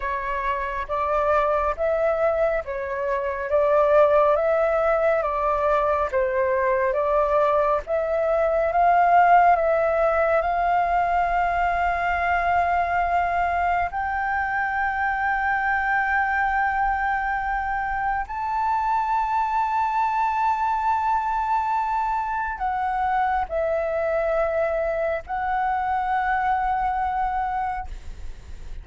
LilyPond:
\new Staff \with { instrumentName = "flute" } { \time 4/4 \tempo 4 = 69 cis''4 d''4 e''4 cis''4 | d''4 e''4 d''4 c''4 | d''4 e''4 f''4 e''4 | f''1 |
g''1~ | g''4 a''2.~ | a''2 fis''4 e''4~ | e''4 fis''2. | }